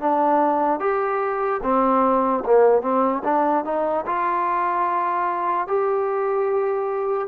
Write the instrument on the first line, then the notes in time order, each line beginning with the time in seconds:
trombone
0.00 D4
0.80 G4
1.63 C4
2.45 A#3
2.82 C4
3.24 D4
3.64 D#4
4.06 F4
5.68 G4